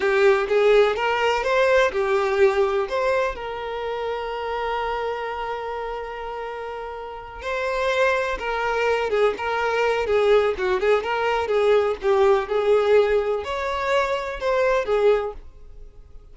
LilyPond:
\new Staff \with { instrumentName = "violin" } { \time 4/4 \tempo 4 = 125 g'4 gis'4 ais'4 c''4 | g'2 c''4 ais'4~ | ais'1~ | ais'2.~ ais'8 c''8~ |
c''4. ais'4. gis'8 ais'8~ | ais'4 gis'4 fis'8 gis'8 ais'4 | gis'4 g'4 gis'2 | cis''2 c''4 gis'4 | }